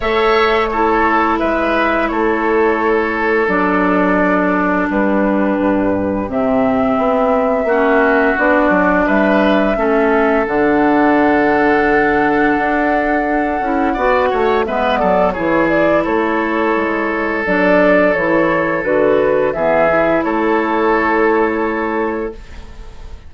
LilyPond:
<<
  \new Staff \with { instrumentName = "flute" } { \time 4/4 \tempo 4 = 86 e''4 cis''4 e''4 cis''4~ | cis''4 d''2 b'4~ | b'4 e''2. | d''4 e''2 fis''4~ |
fis''1~ | fis''4 e''8 d''8 cis''8 d''8 cis''4~ | cis''4 d''4 cis''4 b'4 | e''4 cis''2. | }
  \new Staff \with { instrumentName = "oboe" } { \time 4/4 cis''4 a'4 b'4 a'4~ | a'2. g'4~ | g'2. fis'4~ | fis'4 b'4 a'2~ |
a'1 | d''8 cis''8 b'8 a'8 gis'4 a'4~ | a'1 | gis'4 a'2. | }
  \new Staff \with { instrumentName = "clarinet" } { \time 4/4 a'4 e'2.~ | e'4 d'2.~ | d'4 c'2 cis'4 | d'2 cis'4 d'4~ |
d'2.~ d'8 e'8 | fis'4 b4 e'2~ | e'4 d'4 e'4 fis'4 | b8 e'2.~ e'8 | }
  \new Staff \with { instrumentName = "bassoon" } { \time 4/4 a2 gis4 a4~ | a4 fis2 g4 | g,4 c4 b4 ais4 | b8 fis8 g4 a4 d4~ |
d2 d'4. cis'8 | b8 a8 gis8 fis8 e4 a4 | gis4 fis4 e4 d4 | e4 a2. | }
>>